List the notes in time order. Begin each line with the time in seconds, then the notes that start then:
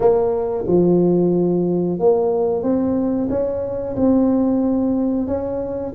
0.00 A#3
0.67 F3
1.99 A#3
2.62 C4
3.29 C#4
3.96 C4
5.27 C#4